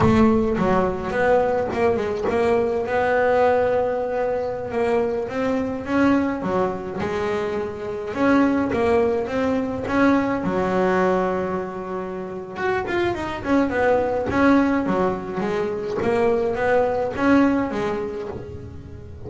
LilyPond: \new Staff \with { instrumentName = "double bass" } { \time 4/4 \tempo 4 = 105 a4 fis4 b4 ais8 gis8 | ais4 b2.~ | b16 ais4 c'4 cis'4 fis8.~ | fis16 gis2 cis'4 ais8.~ |
ais16 c'4 cis'4 fis4.~ fis16~ | fis2 fis'8 f'8 dis'8 cis'8 | b4 cis'4 fis4 gis4 | ais4 b4 cis'4 gis4 | }